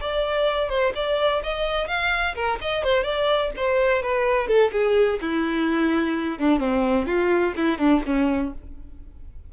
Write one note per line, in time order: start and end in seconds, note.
0.00 0.69 D5
0.69 0.93 C5
0.95 1.42 D5
1.43 1.87 D#5
1.87 2.35 F5
2.35 2.58 A#4
2.61 2.83 D#5
2.83 3.03 C5
3.03 3.51 D5
3.56 4.02 C5
4.02 4.47 B4
4.47 4.71 A4
4.72 5.19 G#4
5.21 6.39 E4
6.39 6.59 D4
6.59 7.06 C4
7.06 7.53 F4
7.56 7.78 E4
7.78 8.01 D4
8.06 8.53 C#4